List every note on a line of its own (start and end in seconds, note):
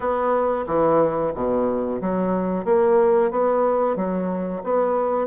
0.00 0.65 B3
0.67 1.32 E3
1.35 2.00 B2
2.01 2.64 F#3
2.64 3.30 A#3
3.30 3.96 B3
3.96 4.62 F#3
4.63 5.27 B3